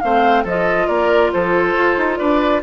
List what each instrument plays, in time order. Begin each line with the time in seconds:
0.00 bassoon A3, clarinet C4, oboe C5, flute F5
0.44 bassoon F3, clarinet F4, oboe A4, flute D#5
0.88 bassoon A#3, oboe A#4, flute D5
1.33 bassoon F3, oboe A4, flute C5
1.75 bassoon F4
1.97 bassoon D#4
2.17 bassoon D4, oboe B4, flute D5